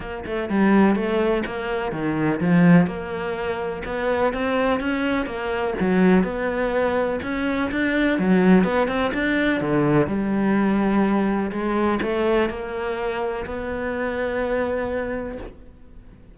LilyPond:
\new Staff \with { instrumentName = "cello" } { \time 4/4 \tempo 4 = 125 ais8 a8 g4 a4 ais4 | dis4 f4 ais2 | b4 c'4 cis'4 ais4 | fis4 b2 cis'4 |
d'4 fis4 b8 c'8 d'4 | d4 g2. | gis4 a4 ais2 | b1 | }